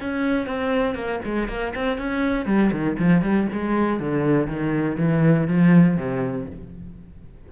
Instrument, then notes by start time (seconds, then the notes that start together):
cello
0.00 C#4
0.47 C4
0.94 A#3
1.24 G#3
1.48 A#3
1.74 C4
1.98 C#4
2.45 G3
2.71 D#3
2.98 F3
3.22 G3
3.52 G#3
3.99 D3
4.47 D#3
4.97 E3
5.47 F3
5.96 C3